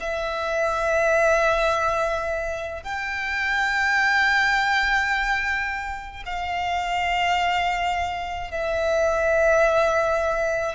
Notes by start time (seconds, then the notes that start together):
0.00 E5
2.83 G5
6.25 F5
8.51 E5